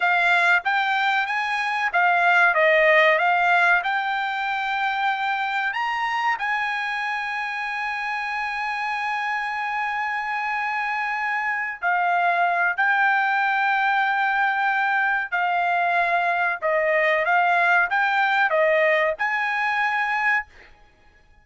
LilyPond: \new Staff \with { instrumentName = "trumpet" } { \time 4/4 \tempo 4 = 94 f''4 g''4 gis''4 f''4 | dis''4 f''4 g''2~ | g''4 ais''4 gis''2~ | gis''1~ |
gis''2~ gis''8 f''4. | g''1 | f''2 dis''4 f''4 | g''4 dis''4 gis''2 | }